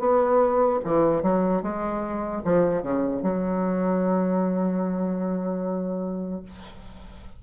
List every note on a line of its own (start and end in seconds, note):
0.00 0.80 B3
0.85 1.23 E3
1.23 1.63 F#3
1.63 2.43 G#3
2.45 2.83 F3
2.83 3.23 C#3
3.23 6.43 F#3